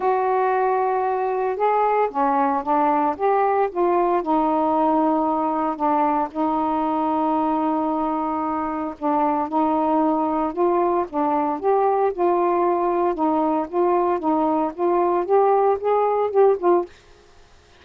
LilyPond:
\new Staff \with { instrumentName = "saxophone" } { \time 4/4 \tempo 4 = 114 fis'2. gis'4 | cis'4 d'4 g'4 f'4 | dis'2. d'4 | dis'1~ |
dis'4 d'4 dis'2 | f'4 d'4 g'4 f'4~ | f'4 dis'4 f'4 dis'4 | f'4 g'4 gis'4 g'8 f'8 | }